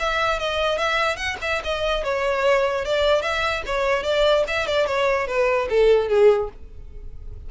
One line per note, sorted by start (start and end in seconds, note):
0.00 0.40 E5
0.40 0.79 D#5
0.79 1.17 E5
1.17 1.37 F#5
1.42 1.63 E5
1.64 2.04 D#5
2.04 2.86 C#5
2.86 3.22 D5
3.22 3.63 E5
3.66 4.04 C#5
4.04 4.45 D5
4.48 4.67 E5
4.67 4.87 D5
4.87 5.28 C#5
5.28 5.68 B4
5.70 6.09 A4
6.09 6.50 G#4